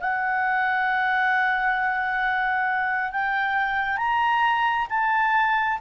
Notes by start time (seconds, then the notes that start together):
0.00 F#5
3.11 G5
3.97 A#5
4.89 A5